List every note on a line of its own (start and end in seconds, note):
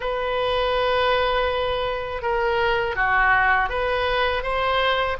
0.00 2.22 B4
2.22 2.95 A#4
2.95 3.69 F#4
3.69 4.42 B4
4.42 5.16 C5